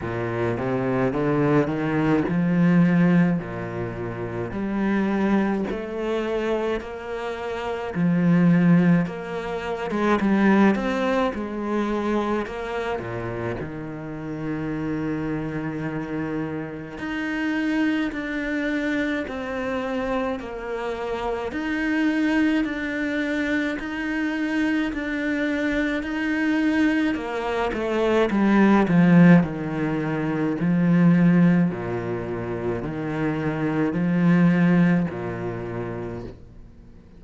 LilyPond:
\new Staff \with { instrumentName = "cello" } { \time 4/4 \tempo 4 = 53 ais,8 c8 d8 dis8 f4 ais,4 | g4 a4 ais4 f4 | ais8. gis16 g8 c'8 gis4 ais8 ais,8 | dis2. dis'4 |
d'4 c'4 ais4 dis'4 | d'4 dis'4 d'4 dis'4 | ais8 a8 g8 f8 dis4 f4 | ais,4 dis4 f4 ais,4 | }